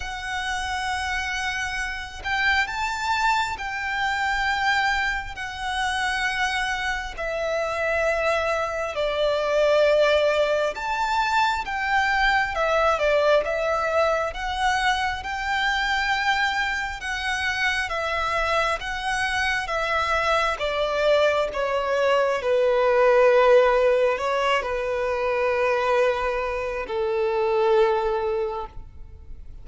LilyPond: \new Staff \with { instrumentName = "violin" } { \time 4/4 \tempo 4 = 67 fis''2~ fis''8 g''8 a''4 | g''2 fis''2 | e''2 d''2 | a''4 g''4 e''8 d''8 e''4 |
fis''4 g''2 fis''4 | e''4 fis''4 e''4 d''4 | cis''4 b'2 cis''8 b'8~ | b'2 a'2 | }